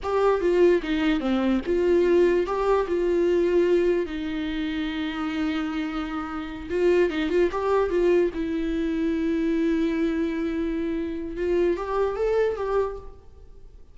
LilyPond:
\new Staff \with { instrumentName = "viola" } { \time 4/4 \tempo 4 = 148 g'4 f'4 dis'4 c'4 | f'2 g'4 f'4~ | f'2 dis'2~ | dis'1~ |
dis'8 f'4 dis'8 f'8 g'4 f'8~ | f'8 e'2.~ e'8~ | e'1 | f'4 g'4 a'4 g'4 | }